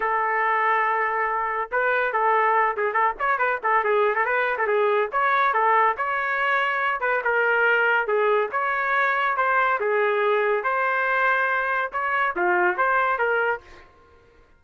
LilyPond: \new Staff \with { instrumentName = "trumpet" } { \time 4/4 \tempo 4 = 141 a'1 | b'4 a'4. gis'8 a'8 cis''8 | b'8 a'8 gis'8. a'16 b'8. a'16 gis'4 | cis''4 a'4 cis''2~ |
cis''8 b'8 ais'2 gis'4 | cis''2 c''4 gis'4~ | gis'4 c''2. | cis''4 f'4 c''4 ais'4 | }